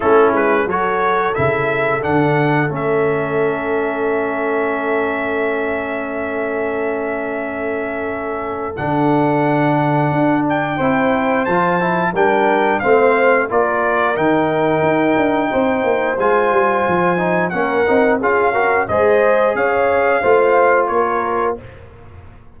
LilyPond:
<<
  \new Staff \with { instrumentName = "trumpet" } { \time 4/4 \tempo 4 = 89 a'8 b'8 cis''4 e''4 fis''4 | e''1~ | e''1~ | e''4 fis''2~ fis''8 g''8~ |
g''4 a''4 g''4 f''4 | d''4 g''2. | gis''2 fis''4 f''4 | dis''4 f''2 cis''4 | }
  \new Staff \with { instrumentName = "horn" } { \time 4/4 e'4 a'2.~ | a'1~ | a'1~ | a'1 |
c''2 ais'4 c''4 | ais'2. c''4~ | c''2 ais'4 gis'8 ais'8 | c''4 cis''4 c''4 ais'4 | }
  \new Staff \with { instrumentName = "trombone" } { \time 4/4 cis'4 fis'4 e'4 d'4 | cis'1~ | cis'1~ | cis'4 d'2. |
e'4 f'8 e'8 d'4 c'4 | f'4 dis'2. | f'4. dis'8 cis'8 dis'8 f'8 fis'8 | gis'2 f'2 | }
  \new Staff \with { instrumentName = "tuba" } { \time 4/4 a8 gis8 fis4 cis4 d4 | a1~ | a1~ | a4 d2 d'4 |
c'4 f4 g4 a4 | ais4 dis4 dis'8 d'8 c'8 ais8 | gis8 g8 f4 ais8 c'8 cis'4 | gis4 cis'4 a4 ais4 | }
>>